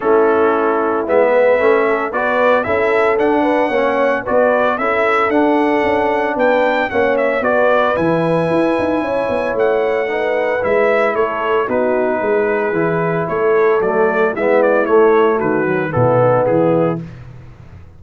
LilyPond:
<<
  \new Staff \with { instrumentName = "trumpet" } { \time 4/4 \tempo 4 = 113 a'2 e''2 | d''4 e''4 fis''2 | d''4 e''4 fis''2 | g''4 fis''8 e''8 d''4 gis''4~ |
gis''2 fis''2 | e''4 cis''4 b'2~ | b'4 cis''4 d''4 e''8 d''8 | cis''4 b'4 a'4 gis'4 | }
  \new Staff \with { instrumentName = "horn" } { \time 4/4 e'2~ e'8 b'4 a'8 | b'4 a'4. b'8 cis''4 | b'4 a'2. | b'4 cis''4 b'2~ |
b'4 cis''2 b'4~ | b'4 a'4 fis'4 gis'4~ | gis'4 a'2 e'4~ | e'4 fis'4 e'8 dis'8 e'4 | }
  \new Staff \with { instrumentName = "trombone" } { \time 4/4 cis'2 b4 cis'4 | fis'4 e'4 d'4 cis'4 | fis'4 e'4 d'2~ | d'4 cis'4 fis'4 e'4~ |
e'2. dis'4 | e'2 dis'2 | e'2 a4 b4 | a4. fis8 b2 | }
  \new Staff \with { instrumentName = "tuba" } { \time 4/4 a2 gis4 a4 | b4 cis'4 d'4 ais4 | b4 cis'4 d'4 cis'4 | b4 ais4 b4 e4 |
e'8 dis'8 cis'8 b8 a2 | gis4 a4 b4 gis4 | e4 a4 fis4 gis4 | a4 dis4 b,4 e4 | }
>>